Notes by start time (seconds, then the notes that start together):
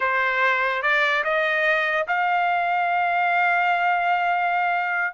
0.00 C5
0.82 D5
1.24 D#5
2.07 F5